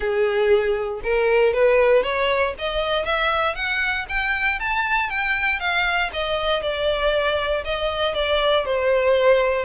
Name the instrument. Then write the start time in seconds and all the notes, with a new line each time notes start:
violin
0.00 G#4
1.03 A#4
1.53 B4
2.03 C#5
2.58 D#5
3.05 E5
3.55 F#5
4.08 G5
4.59 A5
5.09 G5
5.59 F5
6.12 D#5
6.62 D5
7.64 D#5
8.14 D5
8.65 C5